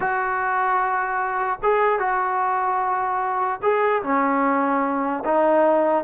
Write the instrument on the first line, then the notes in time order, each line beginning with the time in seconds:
trombone
0.00 F#4
1.62 G#4
1.99 F#4
3.62 G#4
4.02 C#4
5.24 D#4